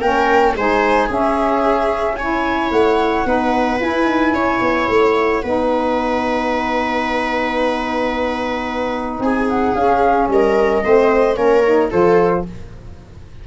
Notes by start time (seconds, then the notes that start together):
0.00 A#3 C#4 A#4 G5
0.55 G#3 D#4 C5 G#5
1.06 C#4 G#4
1.12 E5
2.16 E4 C#5 G#5
2.71 A3 F#5
3.25 B3 D#4 B4
3.80 E4 G#5
4.05 D#4
4.32 C#4 C#5
4.61 B3
4.88 A3 F#5
5.42 B3 D#4 B4
9.19 C4 G#4 G#5
9.49 F#5
9.74 C#4 F5
10.28 G3 A#4 D#5
10.83 A3 C4 C5
11.35 A#3 C#4 A#4 C#5
11.65 D#4
11.90 F3 F4 A4 C5